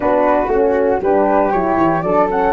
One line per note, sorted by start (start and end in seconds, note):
0.00 0.47 B3
0.00 0.49 D4
0.00 1.01 F#4
0.00 0.49 B4
0.47 0.97 A3
0.47 1.01 C#4
0.47 1.00 F#4
1.00 1.51 G3
1.00 1.52 D4
1.00 2.04 G4
1.00 1.51 B4
1.51 1.77 F#3
1.51 2.03 E4
1.51 2.02 C#5
1.77 2.02 E3
2.02 2.52 F#3
2.02 2.29 D4
2.02 2.52 A4
2.02 2.27 D5
2.29 2.52 C#4
2.29 2.52 F#5